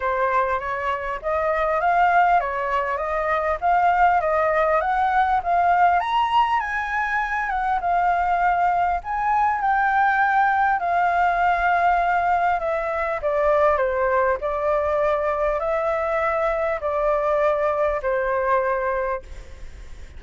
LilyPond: \new Staff \with { instrumentName = "flute" } { \time 4/4 \tempo 4 = 100 c''4 cis''4 dis''4 f''4 | cis''4 dis''4 f''4 dis''4 | fis''4 f''4 ais''4 gis''4~ | gis''8 fis''8 f''2 gis''4 |
g''2 f''2~ | f''4 e''4 d''4 c''4 | d''2 e''2 | d''2 c''2 | }